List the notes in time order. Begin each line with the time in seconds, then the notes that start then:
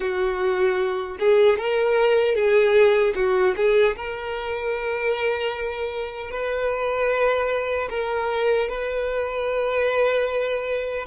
0.00 F#4
1.19 G#4
1.58 A#4
2.35 G#4
3.15 F#4
3.56 G#4
3.96 A#4
6.31 B4
7.89 A#4
8.68 B4